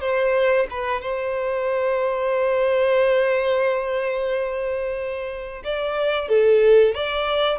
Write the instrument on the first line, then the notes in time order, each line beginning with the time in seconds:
violin
0.00 C5
0.70 B4
1.01 C5
5.64 D5
6.28 A4
6.94 D5